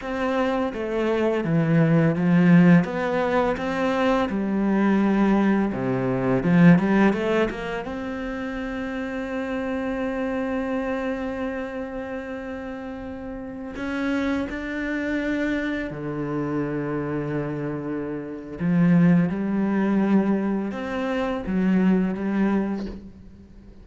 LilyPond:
\new Staff \with { instrumentName = "cello" } { \time 4/4 \tempo 4 = 84 c'4 a4 e4 f4 | b4 c'4 g2 | c4 f8 g8 a8 ais8 c'4~ | c'1~ |
c'2.~ c'16 cis'8.~ | cis'16 d'2 d4.~ d16~ | d2 f4 g4~ | g4 c'4 fis4 g4 | }